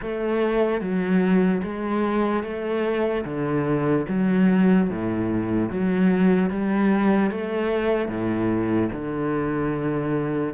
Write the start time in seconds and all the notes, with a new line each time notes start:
0.01 A3
0.80 F#3
1.63 G#3
2.43 A3
3.24 D3
4.08 F#3
4.89 A2
5.69 F#3
6.49 G3
7.30 A3
8.08 A2
8.92 D3